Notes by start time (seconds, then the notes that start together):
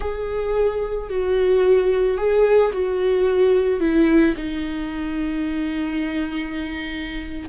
0.00 G#4
1.09 F#4
2.17 G#4
2.72 F#4
3.80 E4
4.36 D#4